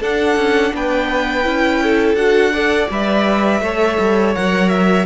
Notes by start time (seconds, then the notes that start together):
0.00 D4 A4 F#5
0.36 C#4
0.73 B3 B4 G5
1.43 C#4 E4
1.83 A4
2.14 D4 F#4 F#5
2.52 A4 D5
2.90 G3 B4 E5
3.61 A3 A4 C#5
3.99 G3
4.34 F#3 A#4 F#5
4.69 E5